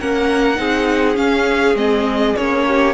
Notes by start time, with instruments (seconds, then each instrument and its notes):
0.00 cello A#3, viola C#4, violin A#4 F#5
0.56 cello C4, viola D#4, violin G#4
1.14 viola C#4, cello C#4, violin F5
1.75 cello G#3, viola C4, violin D#5
2.36 cello A#3, viola C#4, violin C#5
2.67 violin G4